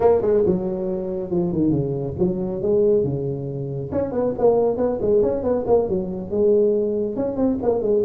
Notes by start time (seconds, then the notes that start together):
0.00 A#3
0.21 G#3
0.46 F#3
1.30 F3
1.52 D#3
1.70 C#3
2.19 F#3
2.62 G#3
3.03 C#3
3.92 C#4
4.12 B3
4.38 A#3
4.77 B3
5.01 G#3
5.22 C#4
5.43 B3
5.67 A#3
5.89 F#3
6.30 G#3
7.16 C#4
7.36 C4
7.62 A#3
7.82 G#3